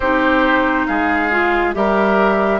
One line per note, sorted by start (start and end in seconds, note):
0.00 0.87 C4
0.00 1.31 D#4
0.00 0.86 G4
0.00 0.86 C5
0.86 1.75 G#3
0.86 1.75 G#4
0.86 1.73 F5
1.31 1.74 F4
1.74 2.60 G3
1.74 2.60 G4
1.74 2.60 A#4
1.74 2.60 E5